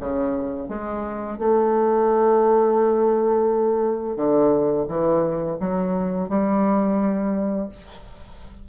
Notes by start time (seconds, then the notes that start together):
0.00 C#3
0.68 G#3
1.38 A3
4.16 D3
4.88 E3
5.60 F#3
6.29 G3